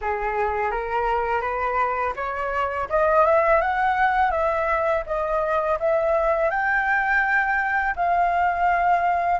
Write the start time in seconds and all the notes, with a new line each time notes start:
0.01 G#4
0.71 A#4
1.41 B4
2.16 C#5
2.89 D#5
3.25 E5
3.61 F#5
4.31 E5
5.06 D#5
5.79 E5
6.50 G5
7.96 F5